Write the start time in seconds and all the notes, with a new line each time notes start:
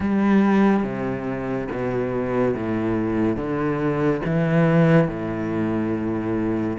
0.00 G3
0.83 C3
1.71 B2
2.54 A2
3.36 D3
4.25 E3
5.08 A2